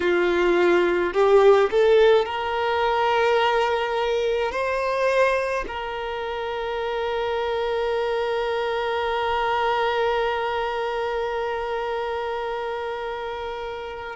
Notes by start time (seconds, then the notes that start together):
0.00 F4
1.13 G4
1.70 A4
2.25 A#4
4.51 C5
5.67 A#4